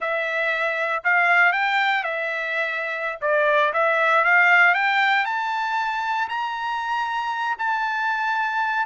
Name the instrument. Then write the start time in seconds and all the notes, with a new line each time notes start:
trumpet
0.00 E5
1.03 F5
1.52 G5
2.03 E5
3.21 D5
3.73 E5
4.24 F5
4.74 G5
5.25 A5
6.28 A#5
7.58 A5